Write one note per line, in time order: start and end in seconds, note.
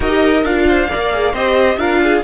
0.00 0.43 D#4
0.00 0.43 G4
0.00 0.66 A#4
0.00 0.45 D#5
0.43 0.88 D4
0.43 0.90 F4
0.43 1.34 F5
0.68 0.88 C5
0.88 1.33 A#3
0.88 1.12 A#4
0.88 1.32 D5
1.12 1.35 G#4
1.32 1.77 C4
1.32 1.79 G4
1.32 1.77 C5
1.32 1.78 D#5
1.77 2.22 D4
1.77 2.23 F4
1.77 2.01 A#4
1.77 2.23 F5
2.03 2.24 G#4